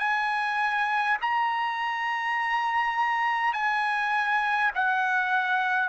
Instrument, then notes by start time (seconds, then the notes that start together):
trumpet
0.00 G#5
1.22 A#5
3.53 G#5
4.75 F#5